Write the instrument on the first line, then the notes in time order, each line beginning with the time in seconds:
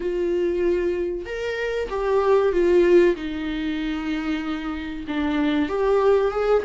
viola
0.00 F4
1.25 A#4
1.89 G4
2.52 F4
3.15 D#4
5.07 D4
5.68 G4
6.31 G#4